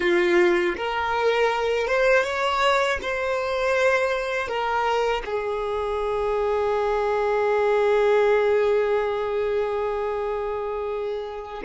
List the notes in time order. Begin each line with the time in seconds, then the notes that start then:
0.00 F4
0.76 A#4
1.87 C5
2.24 C#5
3.02 C5
4.48 A#4
5.25 G#4